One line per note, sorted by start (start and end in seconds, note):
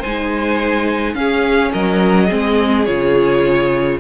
0.00 1.15 G#3
0.00 1.13 C5
0.00 1.15 G#5
0.06 1.15 D#4
1.15 1.71 C#4
1.15 2.28 C#4
1.15 1.72 G#4
1.15 1.71 F5
1.72 2.31 F#3
1.72 2.26 A#4
1.72 2.85 D#5
2.26 2.87 G#3
2.26 2.85 C4
2.26 3.96 G#4
2.85 4.00 C#3
2.85 4.00 F4
2.85 3.98 C#5